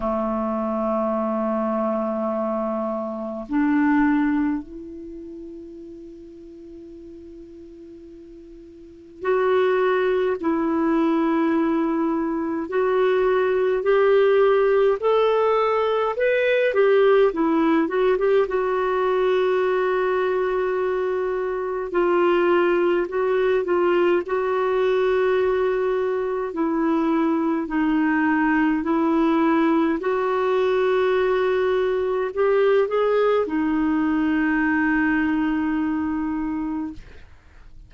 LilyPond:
\new Staff \with { instrumentName = "clarinet" } { \time 4/4 \tempo 4 = 52 a2. d'4 | e'1 | fis'4 e'2 fis'4 | g'4 a'4 b'8 g'8 e'8 fis'16 g'16 |
fis'2. f'4 | fis'8 f'8 fis'2 e'4 | dis'4 e'4 fis'2 | g'8 gis'8 dis'2. | }